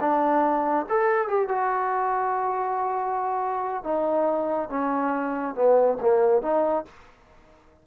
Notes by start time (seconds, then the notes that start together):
0.00 D4
0.89 A4
1.28 G4
1.48 F#4
3.83 D#4
4.69 C#4
5.55 B3
6.01 A#3
6.41 D#4